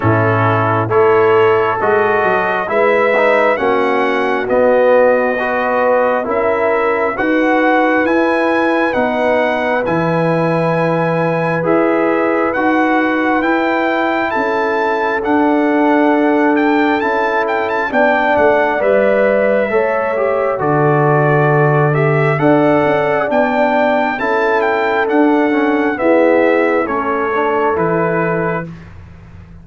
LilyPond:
<<
  \new Staff \with { instrumentName = "trumpet" } { \time 4/4 \tempo 4 = 67 a'4 cis''4 dis''4 e''4 | fis''4 dis''2 e''4 | fis''4 gis''4 fis''4 gis''4~ | gis''4 e''4 fis''4 g''4 |
a''4 fis''4. g''8 a''8 g''16 a''16 | g''8 fis''8 e''2 d''4~ | d''8 e''8 fis''4 g''4 a''8 g''8 | fis''4 e''4 cis''4 b'4 | }
  \new Staff \with { instrumentName = "horn" } { \time 4/4 e'4 a'2 b'4 | fis'2 b'4 ais'4 | b'1~ | b'1 |
a'1 | d''2 cis''4 a'4~ | a'4 d''2 a'4~ | a'4 gis'4 a'2 | }
  \new Staff \with { instrumentName = "trombone" } { \time 4/4 cis'4 e'4 fis'4 e'8 dis'8 | cis'4 b4 fis'4 e'4 | fis'4 e'4 dis'4 e'4~ | e'4 gis'4 fis'4 e'4~ |
e'4 d'2 e'4 | d'4 b'4 a'8 g'8 fis'4~ | fis'8 g'8 a'4 d'4 e'4 | d'8 cis'8 b4 cis'8 d'8 e'4 | }
  \new Staff \with { instrumentName = "tuba" } { \time 4/4 a,4 a4 gis8 fis8 gis4 | ais4 b2 cis'4 | dis'4 e'4 b4 e4~ | e4 e'4 dis'4 e'4 |
cis'4 d'2 cis'4 | b8 a8 g4 a4 d4~ | d4 d'8 cis'8 b4 cis'4 | d'4 e'4 a4 e4 | }
>>